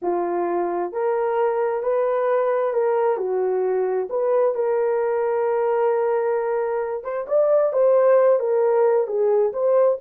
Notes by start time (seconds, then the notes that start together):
0.02 F4
0.92 A#4
1.82 B4
2.73 A#4
3.17 F#4
4.09 B4
4.55 A#4
7.04 C5
7.27 D5
7.73 C5
8.39 A#4
9.07 G#4
9.52 C5